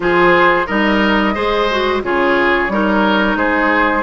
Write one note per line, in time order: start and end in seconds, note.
0.00 0.66 F3
0.00 0.67 F4
0.00 0.66 G#4
0.00 0.67 C5
0.66 1.36 G3
0.66 1.34 D#4
0.66 1.34 A#4
0.66 2.01 D#5
1.34 2.03 G#3
1.34 1.67 G#4
1.34 2.02 C5
1.70 2.02 F#4
2.02 2.68 C#3
2.02 2.70 F4
2.02 2.72 G#4
2.02 3.37 C#5
2.68 3.35 G3
2.68 4.03 D#4
2.68 3.37 A#4
3.35 4.03 G#3
3.35 4.03 G#4
3.35 4.03 C5